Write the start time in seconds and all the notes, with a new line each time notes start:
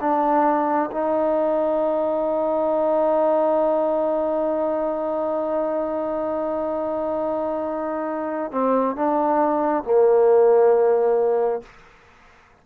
0.00 D4
0.91 D#4
8.51 C4
8.95 D4
9.83 A#3